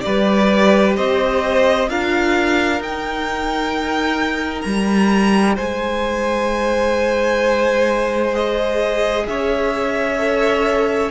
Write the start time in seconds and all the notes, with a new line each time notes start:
0.00 G3 G4 B4 D5
0.96 C4 C5 D#5
1.89 D4 F4 A#4 F5
2.79 D#4 G5
4.61 G3 A#5
5.54 G#3 C5 G#5
8.33 G#4 D#5
9.27 C#4 C#5 E5
10.18 A4